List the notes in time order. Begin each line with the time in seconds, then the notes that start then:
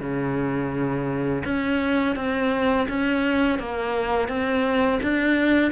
0.00 C#3
1.44 C#4
2.16 C4
2.88 C#4
3.59 A#3
4.28 C4
5.02 D4